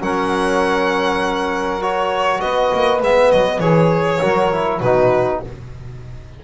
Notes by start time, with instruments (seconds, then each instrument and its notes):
0.00 double bass F#3, trombone C#4, saxophone A#4, violin F#5
1.81 trombone F#4, violin C#5
2.41 double bass B3, saxophone B4, violin D#5
2.74 double bass A#3
3.02 double bass G#3, trombone B3, violin E5
3.32 double bass F#3, violin D#5
3.60 double bass E3, trombone G#4, violin C#5
4.21 double bass F#3, trombone F#4, saxophone A#4
4.53 trombone E4
4.80 double bass B2, trombone D#4, saxophone F#4, violin B4